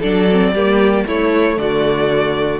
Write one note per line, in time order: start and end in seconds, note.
0.00 0.53 F#3
0.00 0.29 D4
0.00 0.52 A4
0.00 1.06 D5
0.32 0.56 C4
0.53 1.05 G3
0.53 1.08 A#3
0.53 1.06 G4
1.07 1.57 A3
1.07 2.60 A3
1.07 1.59 E4
1.07 1.59 C#5
1.57 2.60 D3
1.57 2.60 F#4
1.57 2.60 D5